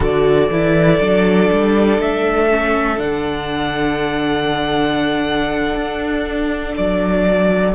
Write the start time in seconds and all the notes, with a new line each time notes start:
0.00 D3 F#4 A4 D5
0.50 E3 E4
1.00 F#3 D4
1.51 G3
1.99 A3 E5
2.50 C#4
2.97 D3 D4 F#5
5.75 D4
6.76 F#3 D5